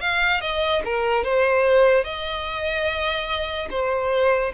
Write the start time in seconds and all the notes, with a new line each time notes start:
0.00 F5
0.40 D#5
0.84 A#4
1.23 C5
2.04 D#5
3.70 C5